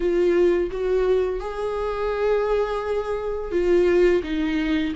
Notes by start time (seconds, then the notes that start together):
0.00 F4
0.71 F#4
1.40 G#4
3.51 F4
4.23 D#4